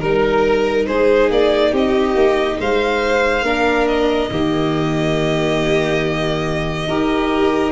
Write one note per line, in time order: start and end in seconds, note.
0.00 0.88 G3
0.00 3.45 D#4
0.00 0.86 A#4
0.00 0.87 A#4
0.87 1.31 G#3
0.87 1.72 G#4
0.87 1.30 C5
1.31 1.73 A#3
1.31 1.75 D5
1.72 2.15 C4
1.72 2.58 G4
1.72 2.61 D#5
2.15 2.58 A#3
2.60 3.42 G#3
2.60 3.45 C5
2.60 3.88 F5
3.42 4.28 A#3
3.42 4.30 D4
3.42 4.31 A#4
3.88 7.72 D#5
4.31 6.88 D#3
4.31 6.89 A#3
4.31 6.89 G4
6.88 7.72 D#4
6.88 7.72 G4
6.88 7.72 A#4